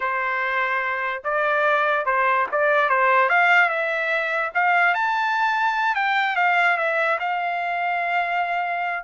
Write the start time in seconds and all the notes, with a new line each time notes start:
0.00 C5
1.23 D5
2.05 C5
2.51 D5
2.89 C5
3.29 F5
3.69 E5
4.54 F5
4.94 A5
5.95 G5
6.36 F5
6.77 E5
7.19 F5